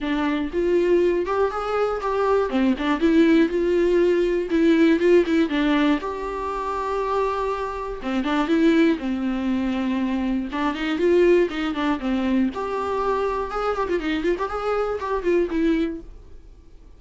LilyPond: \new Staff \with { instrumentName = "viola" } { \time 4/4 \tempo 4 = 120 d'4 f'4. g'8 gis'4 | g'4 c'8 d'8 e'4 f'4~ | f'4 e'4 f'8 e'8 d'4 | g'1 |
c'8 d'8 e'4 c'2~ | c'4 d'8 dis'8 f'4 dis'8 d'8 | c'4 g'2 gis'8 g'16 f'16 | dis'8 f'16 g'16 gis'4 g'8 f'8 e'4 | }